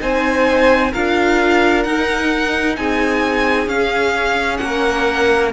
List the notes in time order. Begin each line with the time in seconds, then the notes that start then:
0.00 C4 D#4 C5 G#5
0.92 D4 F4 A#4 F5
1.83 D#4 F#5
2.77 C4 G#4 G#5
3.68 C#4 F5
4.58 A#3 A#4 F#5